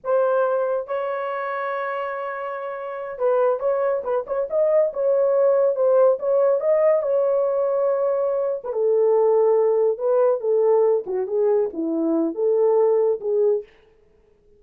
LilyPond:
\new Staff \with { instrumentName = "horn" } { \time 4/4 \tempo 4 = 141 c''2 cis''2~ | cis''2.~ cis''8 b'8~ | b'8 cis''4 b'8 cis''8 dis''4 cis''8~ | cis''4. c''4 cis''4 dis''8~ |
dis''8 cis''2.~ cis''8~ | cis''16 b'16 a'2. b'8~ | b'8 a'4. fis'8 gis'4 e'8~ | e'4 a'2 gis'4 | }